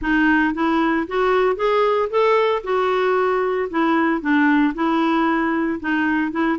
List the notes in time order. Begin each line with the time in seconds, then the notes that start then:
0.01 D#4
0.54 E4
1.07 F#4
1.56 G#4
2.09 A4
2.63 F#4
3.69 E4
4.21 D4
4.74 E4
5.80 D#4
6.31 E4